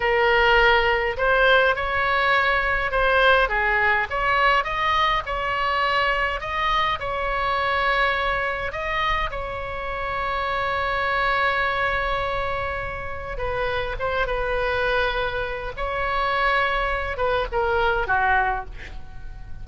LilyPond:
\new Staff \with { instrumentName = "oboe" } { \time 4/4 \tempo 4 = 103 ais'2 c''4 cis''4~ | cis''4 c''4 gis'4 cis''4 | dis''4 cis''2 dis''4 | cis''2. dis''4 |
cis''1~ | cis''2. b'4 | c''8 b'2~ b'8 cis''4~ | cis''4. b'8 ais'4 fis'4 | }